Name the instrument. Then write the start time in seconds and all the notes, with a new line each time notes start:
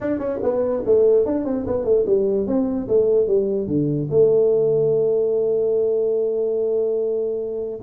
tuba
0.00 D4
0.18 C#4
0.42 B3
0.85 A3
1.25 D4
1.45 C4
1.66 B3
1.84 A3
2.06 G3
2.46 C4
2.87 A3
3.27 G3
3.67 D3
4.10 A3